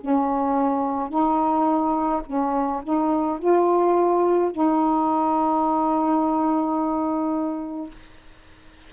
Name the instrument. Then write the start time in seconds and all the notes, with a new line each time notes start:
saxophone
0.00 C#4
1.09 D#4
2.26 C#4
2.83 D#4
3.39 F4
4.51 D#4